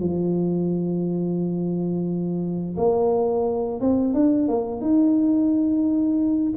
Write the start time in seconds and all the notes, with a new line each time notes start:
0.00 F3
2.77 A#3
3.81 C4
4.14 D4
4.48 A#3
4.81 D#4